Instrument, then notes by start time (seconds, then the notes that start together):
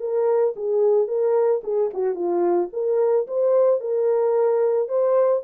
horn
0.00 A#4
0.56 G#4
1.08 A#4
1.64 G#4
1.94 F#4
2.14 F4
2.73 A#4
3.27 C5
3.80 A#4
4.88 C5